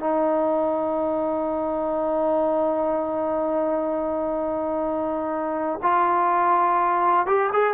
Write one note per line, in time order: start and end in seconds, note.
0.00 5.81 D#4
5.83 7.27 F4
7.27 7.51 G4
7.54 7.74 G#4